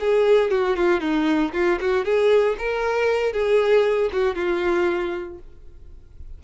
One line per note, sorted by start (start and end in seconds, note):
0.00 0.51 G#4
0.51 0.77 F#4
0.77 1.01 F4
1.01 1.52 D#4
1.53 1.79 F4
1.81 2.05 F#4
2.05 2.57 G#4
2.59 3.33 A#4
3.33 4.11 G#4
4.12 4.35 F#4
4.35 5.39 F4